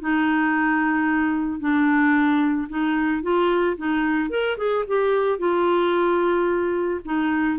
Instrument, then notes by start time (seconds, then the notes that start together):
clarinet
0.00 D#4
1.60 D4
2.69 D#4
3.22 F4
3.77 D#4
4.29 A#4
4.57 G#4
4.87 G4
5.38 F4
7.05 D#4